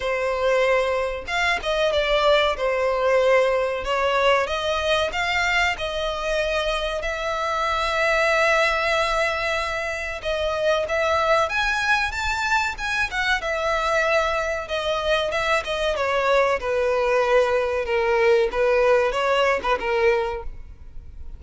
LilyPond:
\new Staff \with { instrumentName = "violin" } { \time 4/4 \tempo 4 = 94 c''2 f''8 dis''8 d''4 | c''2 cis''4 dis''4 | f''4 dis''2 e''4~ | e''1 |
dis''4 e''4 gis''4 a''4 | gis''8 fis''8 e''2 dis''4 | e''8 dis''8 cis''4 b'2 | ais'4 b'4 cis''8. b'16 ais'4 | }